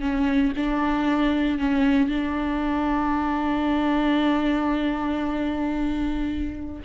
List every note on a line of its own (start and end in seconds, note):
0.00 0.53 C#4
0.56 1.58 D4
1.58 2.08 C#4
2.08 6.82 D4